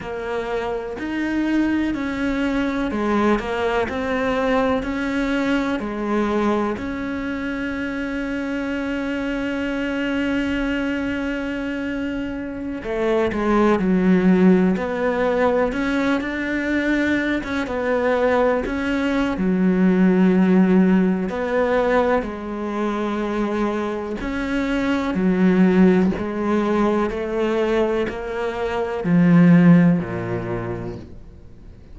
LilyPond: \new Staff \with { instrumentName = "cello" } { \time 4/4 \tempo 4 = 62 ais4 dis'4 cis'4 gis8 ais8 | c'4 cis'4 gis4 cis'4~ | cis'1~ | cis'4~ cis'16 a8 gis8 fis4 b8.~ |
b16 cis'8 d'4~ d'16 cis'16 b4 cis'8. | fis2 b4 gis4~ | gis4 cis'4 fis4 gis4 | a4 ais4 f4 ais,4 | }